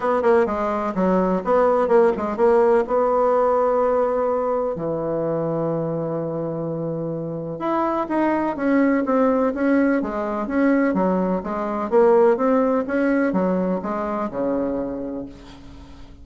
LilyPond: \new Staff \with { instrumentName = "bassoon" } { \time 4/4 \tempo 4 = 126 b8 ais8 gis4 fis4 b4 | ais8 gis8 ais4 b2~ | b2 e2~ | e1 |
e'4 dis'4 cis'4 c'4 | cis'4 gis4 cis'4 fis4 | gis4 ais4 c'4 cis'4 | fis4 gis4 cis2 | }